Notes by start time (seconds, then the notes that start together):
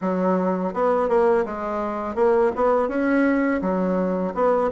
0.01 F#3
0.73 B3
1.08 A#3
1.45 G#3
2.15 A#3
2.55 B3
2.88 C#4
3.61 F#3
4.34 B3